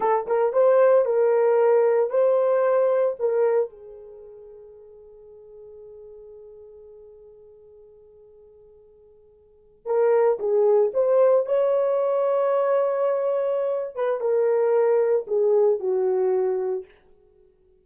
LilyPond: \new Staff \with { instrumentName = "horn" } { \time 4/4 \tempo 4 = 114 a'8 ais'8 c''4 ais'2 | c''2 ais'4 gis'4~ | gis'1~ | gis'1~ |
gis'2~ gis'8. ais'4 gis'16~ | gis'8. c''4 cis''2~ cis''16~ | cis''2~ cis''8 b'8 ais'4~ | ais'4 gis'4 fis'2 | }